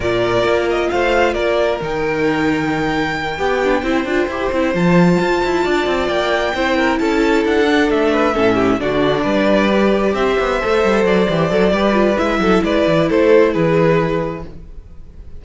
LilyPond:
<<
  \new Staff \with { instrumentName = "violin" } { \time 4/4 \tempo 4 = 133 d''4. dis''8 f''4 d''4 | g''1~ | g''2~ g''8 a''4.~ | a''4. g''2 a''8~ |
a''8 fis''4 e''2 d''8~ | d''2~ d''8 e''4.~ | e''8 d''2~ d''8 e''4 | d''4 c''4 b'2 | }
  \new Staff \with { instrumentName = "violin" } { \time 4/4 ais'2 c''4 ais'4~ | ais'2.~ ais'8 g'8~ | g'8 c''2.~ c''8~ | c''8 d''2 c''8 ais'8 a'8~ |
a'2 b'8 a'8 g'8 fis'8~ | fis'8 b'2 c''4.~ | c''2 b'4. a'8 | b'4 a'4 gis'2 | }
  \new Staff \with { instrumentName = "viola" } { \time 4/4 f'1 | dis'2.~ dis'8 g'8 | d'8 e'8 f'8 g'8 e'8 f'4.~ | f'2~ f'8 e'4.~ |
e'4 d'4. cis'4 d'8~ | d'4. g'2 a'8~ | a'4 g'8 a'8 g'8 f'8 e'4~ | e'1 | }
  \new Staff \with { instrumentName = "cello" } { \time 4/4 ais,4 ais4 a4 ais4 | dis2.~ dis8 b8~ | b8 c'8 d'8 e'8 c'8 f4 f'8 | e'8 d'8 c'8 ais4 c'4 cis'8~ |
cis'8 d'4 a4 a,4 d8~ | d8 g2 c'8 b8 a8 | g8 fis8 e8 fis8 g4 gis8 fis8 | gis8 e8 a4 e2 | }
>>